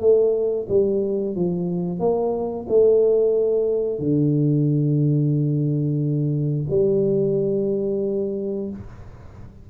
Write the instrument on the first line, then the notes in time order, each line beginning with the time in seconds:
tuba
0.00 A3
0.68 G3
1.35 F3
1.99 A#3
2.68 A3
3.99 D3
6.70 G3